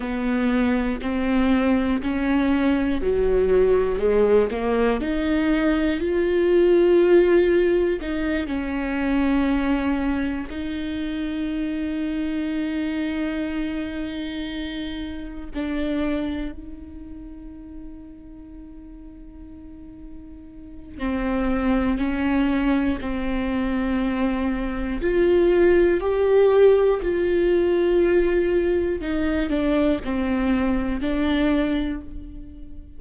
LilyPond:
\new Staff \with { instrumentName = "viola" } { \time 4/4 \tempo 4 = 60 b4 c'4 cis'4 fis4 | gis8 ais8 dis'4 f'2 | dis'8 cis'2 dis'4.~ | dis'2.~ dis'8 d'8~ |
d'8 dis'2.~ dis'8~ | dis'4 c'4 cis'4 c'4~ | c'4 f'4 g'4 f'4~ | f'4 dis'8 d'8 c'4 d'4 | }